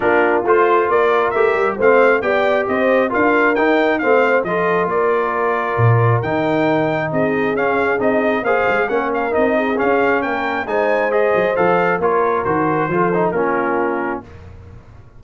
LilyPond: <<
  \new Staff \with { instrumentName = "trumpet" } { \time 4/4 \tempo 4 = 135 ais'4 c''4 d''4 e''4 | f''4 g''4 dis''4 f''4 | g''4 f''4 dis''4 d''4~ | d''2 g''2 |
dis''4 f''4 dis''4 f''4 | fis''8 f''8 dis''4 f''4 g''4 | gis''4 dis''4 f''4 cis''4 | c''2 ais'2 | }
  \new Staff \with { instrumentName = "horn" } { \time 4/4 f'2 ais'2 | c''4 d''4 c''4 ais'4~ | ais'4 c''4 a'4 ais'4~ | ais'1 |
gis'2. c''4 | ais'4. gis'4. ais'4 | c''2. ais'4~ | ais'4 a'4 f'2 | }
  \new Staff \with { instrumentName = "trombone" } { \time 4/4 d'4 f'2 g'4 | c'4 g'2 f'4 | dis'4 c'4 f'2~ | f'2 dis'2~ |
dis'4 cis'4 dis'4 gis'4 | cis'4 dis'4 cis'2 | dis'4 gis'4 a'4 f'4 | fis'4 f'8 dis'8 cis'2 | }
  \new Staff \with { instrumentName = "tuba" } { \time 4/4 ais4 a4 ais4 a8 g8 | a4 b4 c'4 d'4 | dis'4 a4 f4 ais4~ | ais4 ais,4 dis2 |
c'4 cis'4 c'4 ais8 gis8 | ais4 c'4 cis'4 ais4 | gis4. fis8 f4 ais4 | dis4 f4 ais2 | }
>>